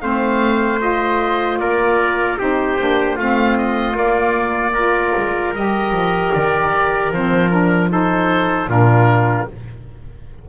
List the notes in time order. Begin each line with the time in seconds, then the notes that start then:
0.00 A3 C4 C5 F5
0.79 F4 D#5
1.58 A#3 A#4 D5
2.38 C4 D#4 G4 C5
2.78 A#3 D4
3.15 A3 C4 F4 F5
3.57 D#5
3.93 A#3 D5
4.74 F4 A#4
5.16 G#3
5.53 G3 G4 D#5
5.91 F3
6.33 D#3 D5
7.11 F3 C4 C5
7.50 D4 A#4
7.90 D#4 A4 C5
8.67 A#2 D4 F4 A#4